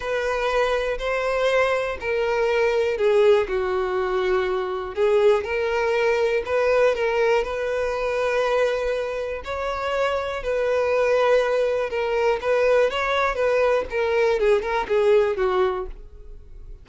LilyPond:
\new Staff \with { instrumentName = "violin" } { \time 4/4 \tempo 4 = 121 b'2 c''2 | ais'2 gis'4 fis'4~ | fis'2 gis'4 ais'4~ | ais'4 b'4 ais'4 b'4~ |
b'2. cis''4~ | cis''4 b'2. | ais'4 b'4 cis''4 b'4 | ais'4 gis'8 ais'8 gis'4 fis'4 | }